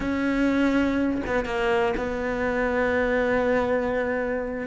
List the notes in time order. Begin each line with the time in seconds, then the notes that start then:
0.00 C#4
1.26 B3
1.45 A#3
1.96 B3